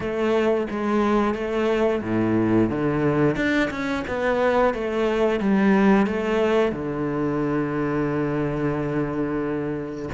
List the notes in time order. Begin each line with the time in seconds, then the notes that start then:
0.00 A3
0.70 G#3
1.34 A3
2.02 A2
2.69 D3
3.36 D4
3.70 C#4
4.07 B3
4.74 A3
5.39 G3
6.06 A3
6.72 D3